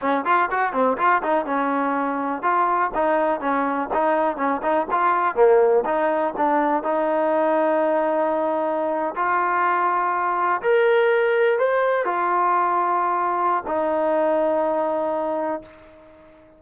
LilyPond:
\new Staff \with { instrumentName = "trombone" } { \time 4/4 \tempo 4 = 123 cis'8 f'8 fis'8 c'8 f'8 dis'8 cis'4~ | cis'4 f'4 dis'4 cis'4 | dis'4 cis'8 dis'8 f'4 ais4 | dis'4 d'4 dis'2~ |
dis'2~ dis'8. f'4~ f'16~ | f'4.~ f'16 ais'2 c''16~ | c''8. f'2.~ f'16 | dis'1 | }